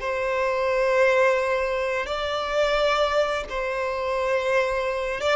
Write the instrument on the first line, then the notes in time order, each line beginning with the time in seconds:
violin
0.00 C5
2.06 D5
3.50 C5
5.21 D5